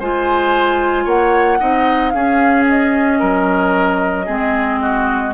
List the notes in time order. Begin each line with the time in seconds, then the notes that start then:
0.00 G#3 F4 C5 G#5
1.05 A#3 C#5 F#5
1.60 C4 D#4 D#5
2.10 C#4 G#4 F5
2.69 D#5
3.20 F#3 A#4
4.26 G#3 C4 G#4
4.82 F#4